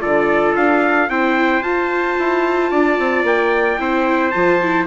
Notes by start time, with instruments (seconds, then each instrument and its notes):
0.00 bassoon D3, viola F4, trumpet A4 D5
0.56 bassoon D4, trumpet F5
1.10 bassoon C4, viola E4, trumpet C5 G5
1.62 bassoon F4, viola F4, trumpet A5
2.19 bassoon E4
2.71 bassoon D4, trumpet D5
2.99 bassoon C4
3.24 bassoon A#3, trumpet G5
3.79 bassoon C4, viola E4, trumpet C5
4.31 bassoon F3, viola F4, trumpet A5
4.62 viola E4